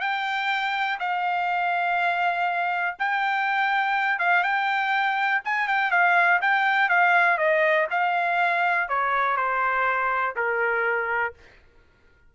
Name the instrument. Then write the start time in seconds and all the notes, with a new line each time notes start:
trumpet
0.00 G5
0.99 F5
2.99 G5
4.18 F5
4.43 G5
5.44 G#5
5.67 G5
5.91 F5
6.41 G5
6.89 F5
7.37 D#5
7.90 F5
8.88 C#5
9.36 C5
10.35 A#4